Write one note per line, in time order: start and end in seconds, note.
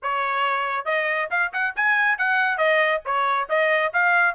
0.02 0.85 C#5
0.85 1.28 D#5
1.30 1.52 F5
1.53 1.74 F#5
1.76 2.18 G#5
2.18 2.57 F#5
2.57 3.01 D#5
3.05 3.48 C#5
3.49 3.92 D#5
3.93 4.34 F5